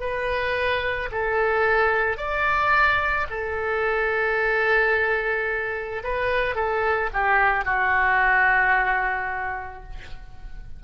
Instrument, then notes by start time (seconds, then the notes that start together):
oboe
0.00 B4
1.12 A4
2.17 D5
3.30 A4
6.04 B4
6.55 A4
7.13 G4
7.65 F#4